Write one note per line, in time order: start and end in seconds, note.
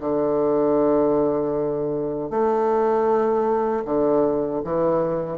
0.00 2.30 D3
2.30 3.84 A3
3.85 4.62 D3
4.64 5.38 E3